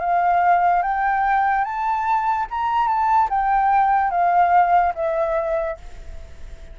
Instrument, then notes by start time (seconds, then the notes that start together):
flute
0.00 F5
0.82 G5
1.64 A5
2.50 A#5
2.87 A5
3.29 G5
4.11 F5
4.94 E5